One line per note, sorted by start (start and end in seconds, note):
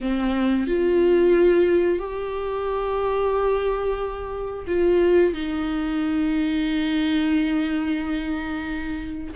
0.00 0.67 C4
0.67 1.98 F4
1.98 4.65 G4
4.67 5.33 F4
5.33 9.33 D#4